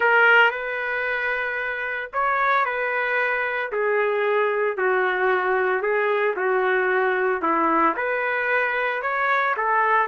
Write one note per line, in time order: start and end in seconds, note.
0.00 0.50 A#4
0.50 2.10 B4
2.13 2.65 C#5
2.65 3.71 B4
3.72 4.77 G#4
4.77 5.82 F#4
5.82 6.35 G#4
6.36 7.42 F#4
7.42 7.95 E4
7.96 9.02 B4
9.02 9.55 C#5
9.56 10.07 A4